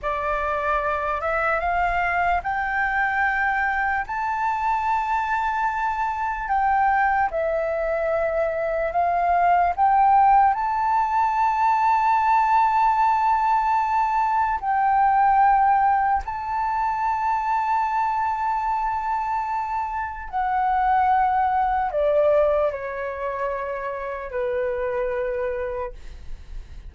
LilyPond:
\new Staff \with { instrumentName = "flute" } { \time 4/4 \tempo 4 = 74 d''4. e''8 f''4 g''4~ | g''4 a''2. | g''4 e''2 f''4 | g''4 a''2.~ |
a''2 g''2 | a''1~ | a''4 fis''2 d''4 | cis''2 b'2 | }